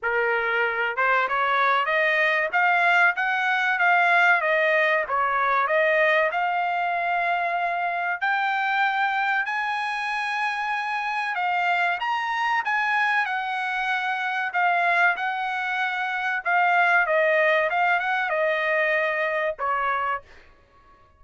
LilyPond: \new Staff \with { instrumentName = "trumpet" } { \time 4/4 \tempo 4 = 95 ais'4. c''8 cis''4 dis''4 | f''4 fis''4 f''4 dis''4 | cis''4 dis''4 f''2~ | f''4 g''2 gis''4~ |
gis''2 f''4 ais''4 | gis''4 fis''2 f''4 | fis''2 f''4 dis''4 | f''8 fis''8 dis''2 cis''4 | }